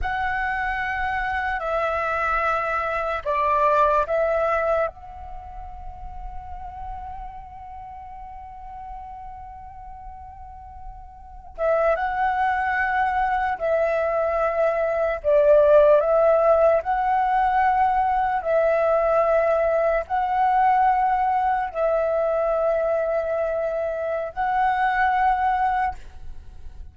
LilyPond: \new Staff \with { instrumentName = "flute" } { \time 4/4 \tempo 4 = 74 fis''2 e''2 | d''4 e''4 fis''2~ | fis''1~ | fis''2~ fis''16 e''8 fis''4~ fis''16~ |
fis''8. e''2 d''4 e''16~ | e''8. fis''2 e''4~ e''16~ | e''8. fis''2 e''4~ e''16~ | e''2 fis''2 | }